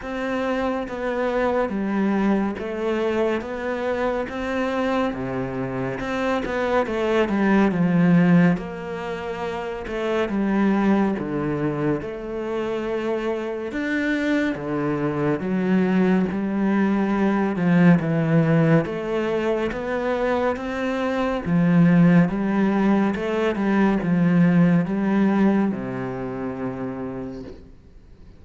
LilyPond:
\new Staff \with { instrumentName = "cello" } { \time 4/4 \tempo 4 = 70 c'4 b4 g4 a4 | b4 c'4 c4 c'8 b8 | a8 g8 f4 ais4. a8 | g4 d4 a2 |
d'4 d4 fis4 g4~ | g8 f8 e4 a4 b4 | c'4 f4 g4 a8 g8 | f4 g4 c2 | }